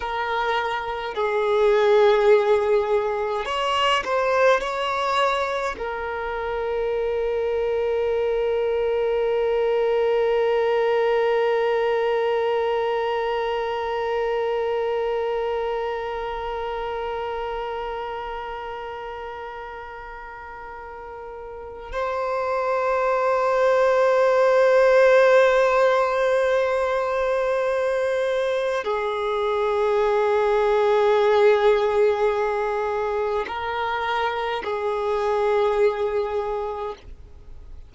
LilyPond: \new Staff \with { instrumentName = "violin" } { \time 4/4 \tempo 4 = 52 ais'4 gis'2 cis''8 c''8 | cis''4 ais'2.~ | ais'1~ | ais'1~ |
ais'2. c''4~ | c''1~ | c''4 gis'2.~ | gis'4 ais'4 gis'2 | }